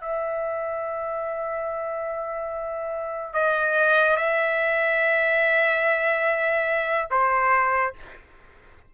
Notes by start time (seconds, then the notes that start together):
0.00 E5
3.33 D#5
4.16 E5
7.10 C5